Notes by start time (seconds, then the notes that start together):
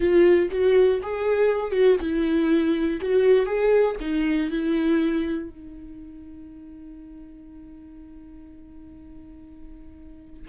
0.00 F4
0.51 F#4
1.02 G#4
1.71 F#4
2.00 E4
3.01 F#4
3.46 G#4
4.00 D#4
4.50 E4
5.49 D#4